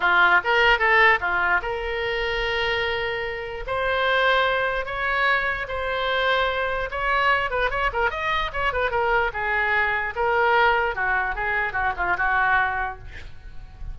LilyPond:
\new Staff \with { instrumentName = "oboe" } { \time 4/4 \tempo 4 = 148 f'4 ais'4 a'4 f'4 | ais'1~ | ais'4 c''2. | cis''2 c''2~ |
c''4 cis''4. b'8 cis''8 ais'8 | dis''4 cis''8 b'8 ais'4 gis'4~ | gis'4 ais'2 fis'4 | gis'4 fis'8 f'8 fis'2 | }